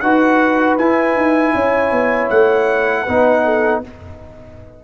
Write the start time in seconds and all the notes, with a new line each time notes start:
0.00 D#4 F#4 B4 F#5
0.77 E4 G#5
1.15 D#4
1.54 C#4 C#5
1.91 B3
2.29 A3 F#5
3.03 B3 D#4 B4
3.44 A4